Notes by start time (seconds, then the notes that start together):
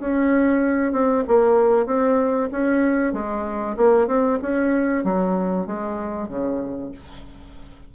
0.00 C#4
0.93 C4
1.28 A#3
1.87 C4
2.52 C#4
3.13 G#3
3.77 A#3
4.08 C4
4.42 C#4
5.04 F#3
5.67 G#3
6.29 C#3